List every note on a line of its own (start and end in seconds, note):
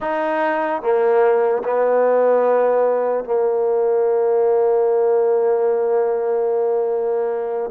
0.00 0.81 D#4
0.81 1.63 A#3
1.63 3.24 B3
3.24 7.70 A#3